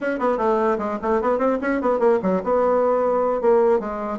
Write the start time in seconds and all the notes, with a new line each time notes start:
0.01 C#4
0.19 B3
0.37 A3
0.78 G#3
1.01 A3
1.21 B3
1.38 C4
1.61 C#4
1.81 B3
1.99 A#3
2.22 F#3
2.43 B3
3.41 A#3
3.79 G#3